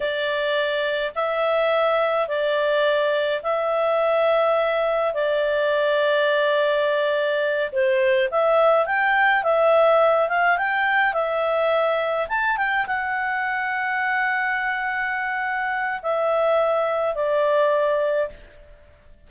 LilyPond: \new Staff \with { instrumentName = "clarinet" } { \time 4/4 \tempo 4 = 105 d''2 e''2 | d''2 e''2~ | e''4 d''2.~ | d''4. c''4 e''4 g''8~ |
g''8 e''4. f''8 g''4 e''8~ | e''4. a''8 g''8 fis''4.~ | fis''1 | e''2 d''2 | }